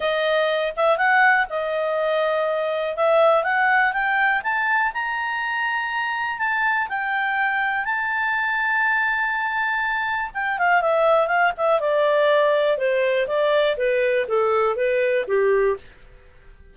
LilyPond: \new Staff \with { instrumentName = "clarinet" } { \time 4/4 \tempo 4 = 122 dis''4. e''8 fis''4 dis''4~ | dis''2 e''4 fis''4 | g''4 a''4 ais''2~ | ais''4 a''4 g''2 |
a''1~ | a''4 g''8 f''8 e''4 f''8 e''8 | d''2 c''4 d''4 | b'4 a'4 b'4 g'4 | }